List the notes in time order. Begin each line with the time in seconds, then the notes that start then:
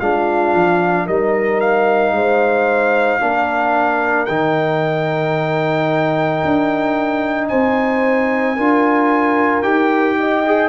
0.00 G#3 D4 F4 F5
0.54 F3
1.06 G3 D#4 A#4 D#5
1.61 F5
2.12 G#3 C5
3.21 A#3 D4 A#4
4.26 D#3 D#4 G5
6.45 D4
7.48 C4 C5 G#5
8.56 D4 F4 A#4
9.63 D#4 G4 G5
10.20 D#5
10.46 G#4